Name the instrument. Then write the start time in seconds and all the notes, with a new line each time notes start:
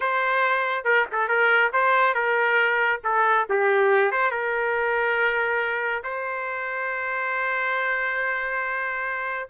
trumpet
0.00 C5
0.84 A#4
1.12 A4
1.28 A#4
1.72 C5
2.14 A#4
3.04 A4
3.49 G4
4.11 C5
4.30 A#4
6.03 C5